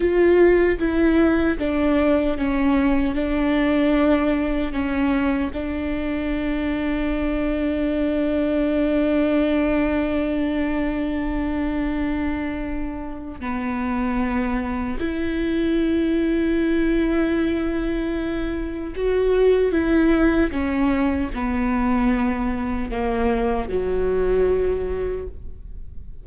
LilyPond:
\new Staff \with { instrumentName = "viola" } { \time 4/4 \tempo 4 = 76 f'4 e'4 d'4 cis'4 | d'2 cis'4 d'4~ | d'1~ | d'1~ |
d'4 b2 e'4~ | e'1 | fis'4 e'4 cis'4 b4~ | b4 ais4 fis2 | }